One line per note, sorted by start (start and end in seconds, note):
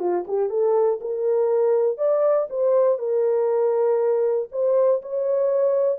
0.00 0.25 F4
0.28 0.50 G4
0.50 1.00 A4
1.01 1.98 A#4
1.98 2.48 D5
2.50 2.99 C5
2.99 4.49 A#4
4.52 5.02 C5
5.02 5.99 C#5